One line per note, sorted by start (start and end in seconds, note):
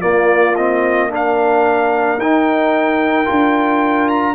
0.00 0.55 A#3
0.00 2.17 A#3
0.00 1.09 F4
0.00 0.55 D5
0.56 1.09 C4
0.56 1.10 D#5
1.09 2.18 D4
1.09 4.34 A#4
1.15 2.20 F5
2.17 3.26 D#4
2.17 3.25 D#4
2.17 4.08 G5
3.25 4.34 D4
3.25 4.34 F4
4.08 4.34 A#5